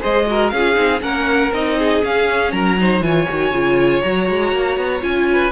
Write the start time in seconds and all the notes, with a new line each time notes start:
0.00 G#3 G#4 C5 D#5
0.27 F#4 A#4
0.49 C#4 G#4 F5
0.56 F4
0.74 C4 D#4
1.01 A#3 C#4 A#4 F#5
1.51 C4 D#4 D#5
1.78 G#4
2.02 C#4 F5
2.52 F#3 A#4 A#5
2.78 D#4 C5
3.01 E3 F4 C#5 G#5
3.29 D#3 F#4
3.51 C#3 F4
4.01 F#3 F#4 A#5
4.29 G#3
4.52 A#3
4.76 B3
5.01 C#4 F4 G#5
5.32 B4